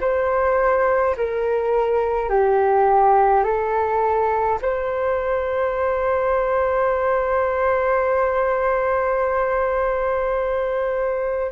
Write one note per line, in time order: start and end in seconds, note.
0.00 1.15 C5
1.17 2.29 A#4
2.29 3.44 G4
3.44 4.59 A4
4.62 11.52 C5